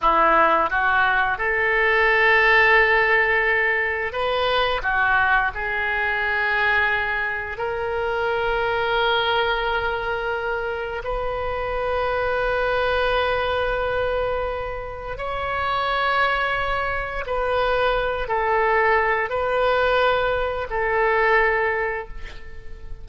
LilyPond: \new Staff \with { instrumentName = "oboe" } { \time 4/4 \tempo 4 = 87 e'4 fis'4 a'2~ | a'2 b'4 fis'4 | gis'2. ais'4~ | ais'1 |
b'1~ | b'2 cis''2~ | cis''4 b'4. a'4. | b'2 a'2 | }